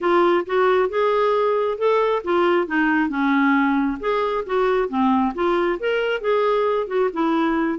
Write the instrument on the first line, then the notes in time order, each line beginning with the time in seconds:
clarinet
0.01 F4
0.45 F#4
0.89 G#4
1.78 A4
2.24 F4
2.67 D#4
3.09 C#4
3.99 G#4
4.46 F#4
4.88 C4
5.34 F4
5.79 A#4
6.20 G#4
6.87 F#4
7.13 E4